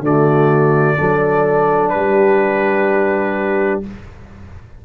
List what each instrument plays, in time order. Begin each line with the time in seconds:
0.00 tuba D3, trombone A3, horn F#4, trumpet D5
0.97 tuba F#3, trombone D4, horn A4
1.89 tuba G3, horn G4, trumpet B4